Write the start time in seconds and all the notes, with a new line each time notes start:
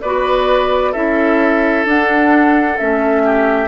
0.00 B3 F#4 B4 D5
0.91 C#4 E4 A4 E5
1.85 D4 F#5
2.77 A3 C#4 E5
3.24 G4